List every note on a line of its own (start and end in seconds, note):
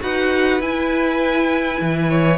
0.00 0.60 D#4
0.00 0.60 F#4
0.00 2.09 B4
0.00 0.61 F#5
0.60 1.80 E4
0.60 2.38 E4
0.60 2.38 G#5
1.81 2.38 E3
2.09 2.38 C#5